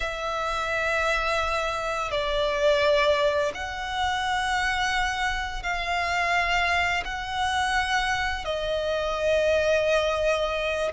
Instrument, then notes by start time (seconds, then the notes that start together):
violin
0.00 E5
2.11 D5
3.54 F#5
5.62 F5
7.04 F#5
8.44 D#5